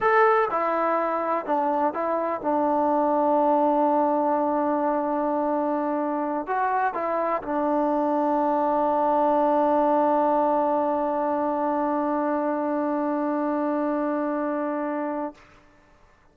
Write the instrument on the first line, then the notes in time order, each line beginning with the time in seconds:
trombone
0.00 A4
0.51 E4
1.45 D4
1.93 E4
2.41 D4
6.46 F#4
6.94 E4
7.42 D4